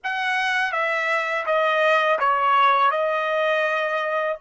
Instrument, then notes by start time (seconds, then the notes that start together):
trumpet
0.03 F#5
0.72 E5
1.45 D#5
2.19 C#5
2.90 D#5